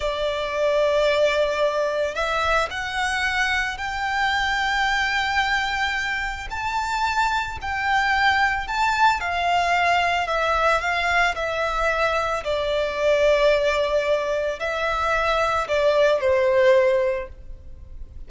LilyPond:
\new Staff \with { instrumentName = "violin" } { \time 4/4 \tempo 4 = 111 d''1 | e''4 fis''2 g''4~ | g''1 | a''2 g''2 |
a''4 f''2 e''4 | f''4 e''2 d''4~ | d''2. e''4~ | e''4 d''4 c''2 | }